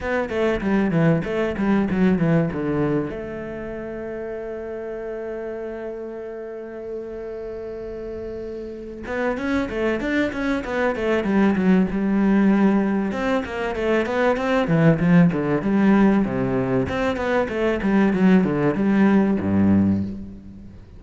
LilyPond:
\new Staff \with { instrumentName = "cello" } { \time 4/4 \tempo 4 = 96 b8 a8 g8 e8 a8 g8 fis8 e8 | d4 a2.~ | a1~ | a2~ a8 b8 cis'8 a8 |
d'8 cis'8 b8 a8 g8 fis8 g4~ | g4 c'8 ais8 a8 b8 c'8 e8 | f8 d8 g4 c4 c'8 b8 | a8 g8 fis8 d8 g4 g,4 | }